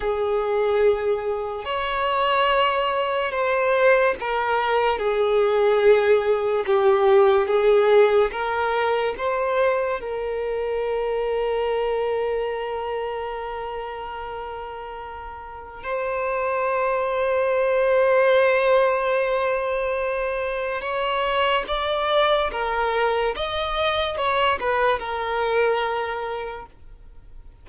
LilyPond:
\new Staff \with { instrumentName = "violin" } { \time 4/4 \tempo 4 = 72 gis'2 cis''2 | c''4 ais'4 gis'2 | g'4 gis'4 ais'4 c''4 | ais'1~ |
ais'2. c''4~ | c''1~ | c''4 cis''4 d''4 ais'4 | dis''4 cis''8 b'8 ais'2 | }